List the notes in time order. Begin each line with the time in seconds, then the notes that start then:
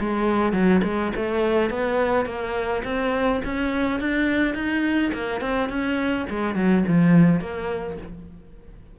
0.00 G#3
0.53 F#3
0.84 G#3
1.16 A3
1.70 B3
2.26 A#3
2.84 C4
3.45 C#4
4.00 D4
4.55 D#4
5.14 A#3
5.41 C4
5.69 C#4
6.30 G#3
6.56 F#3
6.88 F3
7.41 A#3